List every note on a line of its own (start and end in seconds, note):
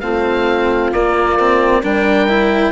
0.00 0.92 A3
0.00 0.93 C4
0.00 1.82 F4
0.00 0.91 F5
0.92 1.83 A#3
0.92 1.39 A#3
0.92 1.84 D5
1.39 1.83 C4
1.82 2.72 G3
1.82 2.28 D4
1.82 2.72 A#4
1.82 2.72 G5
2.28 2.72 E4